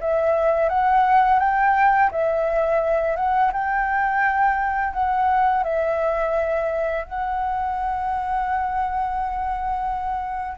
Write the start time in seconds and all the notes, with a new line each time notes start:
0.00 E5
0.69 F#5
1.39 G5
2.11 E5
3.16 F#5
3.52 G5
4.93 F#5
5.63 E5
7.04 F#5